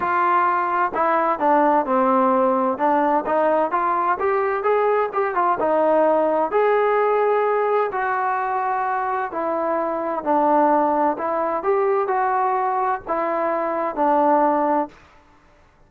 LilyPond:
\new Staff \with { instrumentName = "trombone" } { \time 4/4 \tempo 4 = 129 f'2 e'4 d'4 | c'2 d'4 dis'4 | f'4 g'4 gis'4 g'8 f'8 | dis'2 gis'2~ |
gis'4 fis'2. | e'2 d'2 | e'4 g'4 fis'2 | e'2 d'2 | }